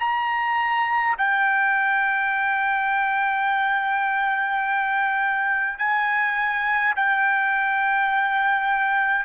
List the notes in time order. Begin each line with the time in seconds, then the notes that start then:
0.00 A#5
1.18 G5
5.78 G#5
6.96 G5